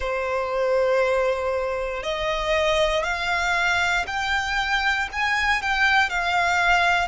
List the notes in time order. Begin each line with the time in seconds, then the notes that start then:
0.00 C5
2.03 D#5
3.03 F5
4.07 G5
5.12 G#5
5.62 G5
6.09 F5